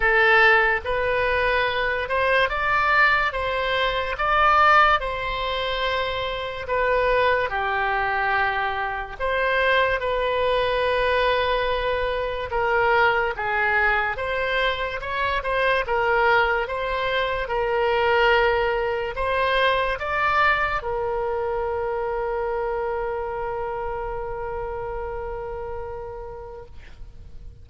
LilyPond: \new Staff \with { instrumentName = "oboe" } { \time 4/4 \tempo 4 = 72 a'4 b'4. c''8 d''4 | c''4 d''4 c''2 | b'4 g'2 c''4 | b'2. ais'4 |
gis'4 c''4 cis''8 c''8 ais'4 | c''4 ais'2 c''4 | d''4 ais'2.~ | ais'1 | }